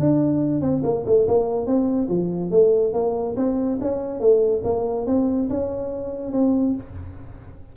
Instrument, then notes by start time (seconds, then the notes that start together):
tuba
0.00 D4
0.62 C4
0.84 A#3
1.06 A3
1.28 A#3
1.67 C4
2.09 F3
2.51 A3
2.93 A#3
3.37 C4
3.81 C#4
4.20 A3
4.64 A#3
5.07 C4
5.50 C#4
6.33 C4